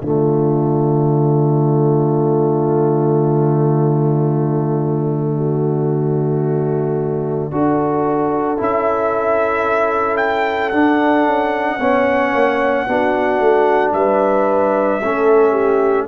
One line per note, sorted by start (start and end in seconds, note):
0.00 7.52 D3
0.00 7.52 A3
0.00 5.36 F4
0.00 8.57 D5
5.36 7.51 F#4
7.52 8.59 D4
7.52 8.57 F#4
7.52 11.79 A4
8.57 10.72 C#4
8.57 10.72 E4
8.57 10.17 E5
10.17 10.70 G5
10.70 11.79 D4
10.70 11.25 D4
10.70 13.91 F#5
11.25 11.79 C#4
11.79 12.33 B3
11.79 12.87 C#4
11.79 12.86 C#5
12.33 12.87 A#3
12.87 13.40 B3
12.87 15.02 D4
12.87 13.94 F#4
13.40 13.93 A3
13.93 15.00 G3
13.93 15.01 B4
13.93 16.07 E5
15.01 16.08 A3
15.01 16.08 C#4
15.01 15.51 A4
15.51 16.05 G4